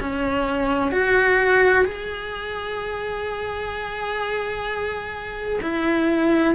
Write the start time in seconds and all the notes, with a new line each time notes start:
0.00 C#4
0.92 F#4
1.85 G#4
5.62 E4